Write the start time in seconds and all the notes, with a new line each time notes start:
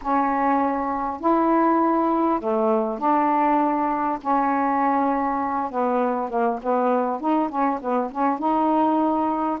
0.01 C#4
1.20 E4
2.39 A3
2.98 D4
4.21 C#4
5.70 B3
6.29 A#3
6.62 B3
7.20 D#4
7.49 C#4
7.80 B3
8.11 C#4
8.38 D#4